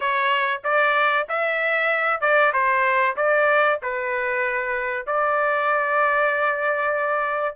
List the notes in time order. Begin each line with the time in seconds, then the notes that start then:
0.00 C#5
0.64 D5
1.28 E5
2.20 D5
2.53 C5
3.16 D5
3.82 B4
5.06 D5